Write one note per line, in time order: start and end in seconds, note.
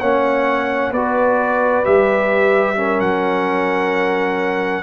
0.00 0.92 A#3
0.00 0.95 C#4
0.00 0.92 C#5
0.00 0.92 F#5
0.92 1.84 B3
0.92 1.84 F#4
0.92 2.76 B4
0.92 1.85 D5
1.84 3.00 G3
1.84 2.76 G4
1.84 3.00 E5
2.76 4.83 C#4
2.76 4.83 A#4
3.00 4.83 F#3
3.00 4.83 F#5